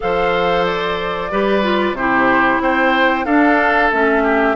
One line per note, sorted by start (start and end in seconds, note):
0.00 1.31 F3
0.00 1.30 A4
0.00 1.31 C5
0.00 0.65 F5
0.65 1.96 D5
1.31 1.93 G3
1.31 1.62 G4
1.31 1.96 B4
1.62 1.95 F4
1.93 2.58 C3
1.93 3.27 E4
1.93 2.62 G4
1.93 2.61 C5
2.60 3.25 C4
2.60 3.25 C5
2.60 3.25 G5
3.25 3.90 D4
3.25 3.92 D4
3.25 4.23 A4
3.25 3.90 F5
3.91 4.55 A3
3.91 4.55 C#4
3.91 4.55 E5
4.23 4.55 G4